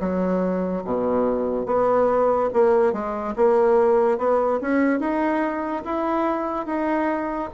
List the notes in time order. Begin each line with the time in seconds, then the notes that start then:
0.00 F#3
0.84 B2
1.66 B3
2.53 A#3
2.93 G#3
3.36 A#3
4.18 B3
4.61 C#4
5.00 D#4
5.85 E4
6.66 D#4